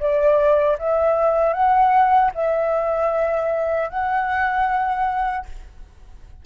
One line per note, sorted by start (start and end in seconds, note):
0.00 0.78 D5
0.79 1.54 E5
1.54 2.32 F#5
2.35 3.90 E5
3.90 5.46 F#5